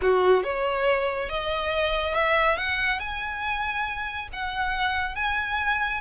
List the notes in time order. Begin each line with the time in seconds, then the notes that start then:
0.01 F#4
0.43 C#5
1.29 D#5
2.14 E5
2.57 F#5
2.99 G#5
4.32 F#5
5.15 G#5